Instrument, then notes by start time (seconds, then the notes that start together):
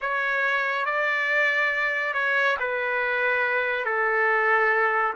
trumpet
0.01 C#5
0.85 D5
2.14 C#5
2.59 B4
3.85 A4